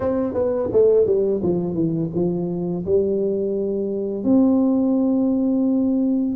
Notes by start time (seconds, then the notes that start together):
0.00 C4
0.33 B3
0.72 A3
1.06 G3
1.42 F3
1.74 E3
2.14 F3
2.85 G3
4.24 C4